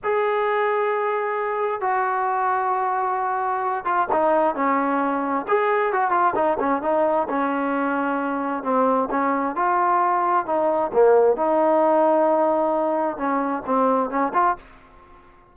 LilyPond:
\new Staff \with { instrumentName = "trombone" } { \time 4/4 \tempo 4 = 132 gis'1 | fis'1~ | fis'8 f'8 dis'4 cis'2 | gis'4 fis'8 f'8 dis'8 cis'8 dis'4 |
cis'2. c'4 | cis'4 f'2 dis'4 | ais4 dis'2.~ | dis'4 cis'4 c'4 cis'8 f'8 | }